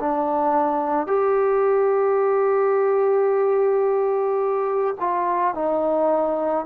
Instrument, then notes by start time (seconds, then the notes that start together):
trombone
0.00 D4
1.07 G4
5.00 F4
5.55 D#4